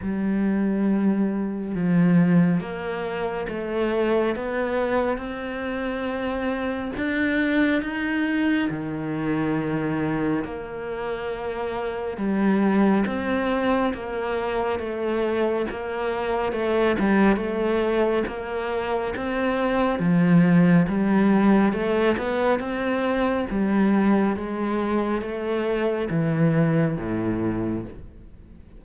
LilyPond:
\new Staff \with { instrumentName = "cello" } { \time 4/4 \tempo 4 = 69 g2 f4 ais4 | a4 b4 c'2 | d'4 dis'4 dis2 | ais2 g4 c'4 |
ais4 a4 ais4 a8 g8 | a4 ais4 c'4 f4 | g4 a8 b8 c'4 g4 | gis4 a4 e4 a,4 | }